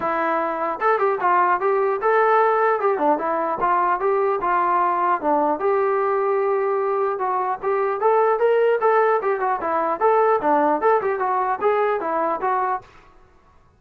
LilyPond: \new Staff \with { instrumentName = "trombone" } { \time 4/4 \tempo 4 = 150 e'2 a'8 g'8 f'4 | g'4 a'2 g'8 d'8 | e'4 f'4 g'4 f'4~ | f'4 d'4 g'2~ |
g'2 fis'4 g'4 | a'4 ais'4 a'4 g'8 fis'8 | e'4 a'4 d'4 a'8 g'8 | fis'4 gis'4 e'4 fis'4 | }